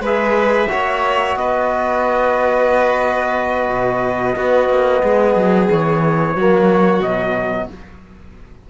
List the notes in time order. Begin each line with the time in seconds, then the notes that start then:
0.00 G#3 G#4 B4 E5
0.68 A#3 F#4 C#5
1.36 B3 B4 D#5
3.69 B2
4.36 B3 F#4
4.69 A#3
5.03 G#3 G#4
5.36 F#3
5.71 E3 C#5
6.35 F#3 A#3 F#4
7.00 B2 F#3 D#5